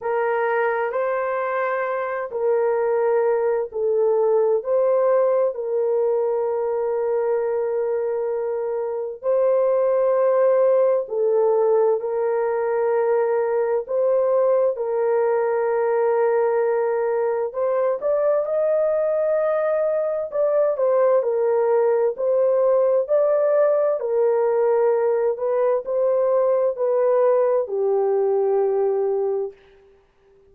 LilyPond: \new Staff \with { instrumentName = "horn" } { \time 4/4 \tempo 4 = 65 ais'4 c''4. ais'4. | a'4 c''4 ais'2~ | ais'2 c''2 | a'4 ais'2 c''4 |
ais'2. c''8 d''8 | dis''2 d''8 c''8 ais'4 | c''4 d''4 ais'4. b'8 | c''4 b'4 g'2 | }